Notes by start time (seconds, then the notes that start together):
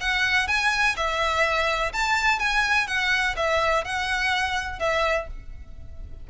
0.00 F#5
0.47 G#5
0.96 E5
1.92 A5
2.39 G#5
2.87 F#5
3.36 E5
3.84 F#5
4.79 E5